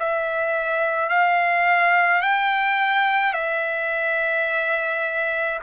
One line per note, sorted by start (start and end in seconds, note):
0.00 1.10 E5
1.10 2.22 F5
2.22 3.33 G5
3.33 5.60 E5